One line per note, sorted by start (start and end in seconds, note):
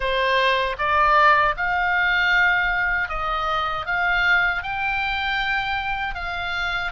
0.00 0.76 C5
0.78 1.55 D5
1.56 3.08 F5
3.08 3.85 D#5
3.86 4.62 F5
4.62 6.15 G5
6.15 6.92 F5